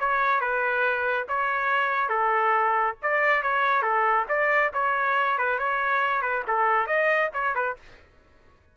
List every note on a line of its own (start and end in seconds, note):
0.00 0.41 C#5
0.41 1.27 B4
1.28 2.10 C#5
2.10 2.96 A4
3.02 3.43 D5
3.43 3.83 C#5
3.83 4.26 A4
4.29 4.72 D5
4.74 5.39 C#5
5.39 5.59 B4
5.59 6.22 C#5
6.22 6.44 B4
6.48 6.87 A4
6.87 7.30 D#5
7.34 7.55 C#5
7.56 7.77 B4